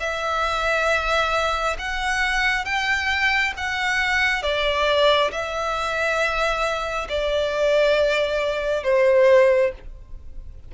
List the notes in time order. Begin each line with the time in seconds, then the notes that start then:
0.00 E5
1.79 F#5
2.65 G5
3.57 F#5
4.43 D5
5.31 E5
7.09 D5
8.84 C5